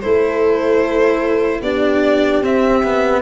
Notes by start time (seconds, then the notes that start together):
0.00 A3 E4 A4 C5
1.61 B3 D4 G4 D5
2.41 C4 E5
2.83 B3